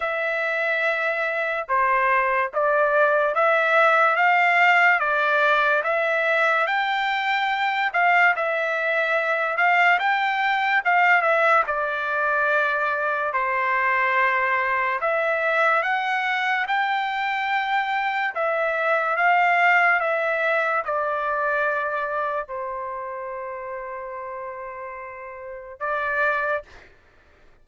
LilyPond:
\new Staff \with { instrumentName = "trumpet" } { \time 4/4 \tempo 4 = 72 e''2 c''4 d''4 | e''4 f''4 d''4 e''4 | g''4. f''8 e''4. f''8 | g''4 f''8 e''8 d''2 |
c''2 e''4 fis''4 | g''2 e''4 f''4 | e''4 d''2 c''4~ | c''2. d''4 | }